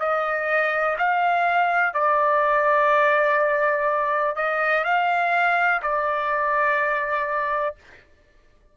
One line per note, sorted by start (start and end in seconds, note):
0.00 0.97 D#5
0.98 1.94 F5
1.94 4.35 D5
4.35 4.84 D#5
4.84 5.81 F5
5.82 7.76 D5